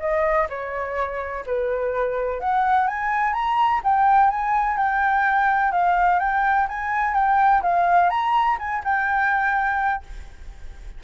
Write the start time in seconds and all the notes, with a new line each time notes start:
0.00 D#5
0.49 C#5
1.46 B4
2.40 F#5
2.88 G#5
3.34 A#5
3.84 G5
4.31 G#5
4.77 G5
5.72 F5
6.19 G5
6.68 G#5
7.14 G5
7.62 F5
8.10 A#5
8.59 G#5
8.84 G5